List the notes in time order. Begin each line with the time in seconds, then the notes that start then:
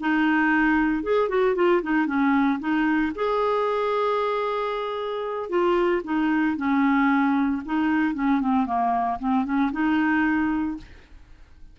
0.00 D#4
1.03 G#4
1.28 F#4
1.55 F4
1.82 D#4
2.06 C#4
2.59 D#4
3.15 G#4
5.49 F4
6.04 D#4
6.57 C#4
7.65 D#4
8.14 C#4
8.40 C4
8.66 A#3
9.19 C4
9.44 C#4
9.72 D#4